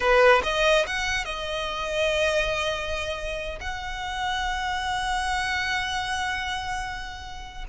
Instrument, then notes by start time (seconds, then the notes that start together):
violin
0.00 B4
0.43 D#5
0.86 F#5
1.25 D#5
3.60 F#5